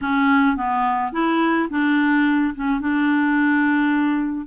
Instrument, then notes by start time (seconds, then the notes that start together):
clarinet
0.01 C#4
0.56 B3
1.12 E4
1.70 D4
2.55 C#4
2.80 D4